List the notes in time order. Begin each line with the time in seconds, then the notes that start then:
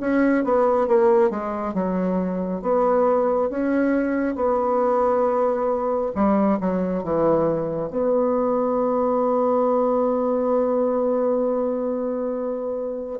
0.00 C#4
0.44 B3
0.87 A#3
1.30 G#3
1.73 F#3
2.61 B3
3.49 C#4
4.35 B3
6.14 G3
6.60 F#3
7.03 E3
7.90 B3